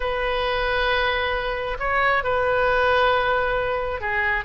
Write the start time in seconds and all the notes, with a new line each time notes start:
0.00 B4
1.79 C#5
2.23 B4
4.00 G#4